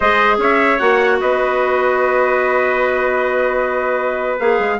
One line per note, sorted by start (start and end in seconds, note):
0.00 0.38 G#3
0.00 0.79 G#4
0.00 0.38 C5
0.00 0.38 D#5
0.38 0.78 C#4
0.38 1.20 C#5
0.38 0.78 E5
0.78 1.20 A#3
0.78 4.39 F#4
0.78 1.18 F#5
1.21 4.39 B3
1.21 4.79 B4
1.21 4.39 D#5
4.39 4.59 A#3
4.39 4.79 G#4
4.39 4.79 F5
4.59 4.79 G#3